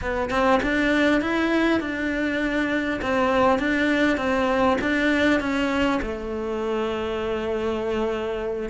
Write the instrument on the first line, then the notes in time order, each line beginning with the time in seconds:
cello
0.01 B3
0.30 C4
0.62 D4
1.21 E4
1.80 D4
3.01 C4
3.58 D4
4.17 C4
4.81 D4
5.40 C#4
6.02 A3